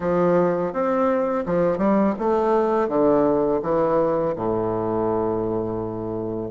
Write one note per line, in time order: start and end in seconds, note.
0.00 0.72 F3
0.72 1.45 C4
1.46 1.77 F3
1.77 2.14 G3
2.18 2.88 A3
2.88 3.60 D3
3.62 4.34 E3
4.35 6.51 A2